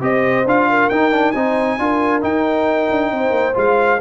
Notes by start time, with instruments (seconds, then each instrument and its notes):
0.00 tuba C4, trombone G4, horn C5, trumpet D#5
0.45 tuba D4, trombone F4, trumpet F5
0.69 horn A#4
0.89 tuba D#4, trombone D#4, trumpet G5
1.11 trombone D4
1.32 tuba C4, trombone D#4, horn C5, trumpet G#5
1.78 tuba D4, trombone F4, horn A#4
2.21 trombone D#4, tuba D#4, trumpet G5
2.90 tuba D4
3.11 tuba C4, horn C5
3.30 tuba A#3
3.54 tuba G#3, trombone F4, trumpet F5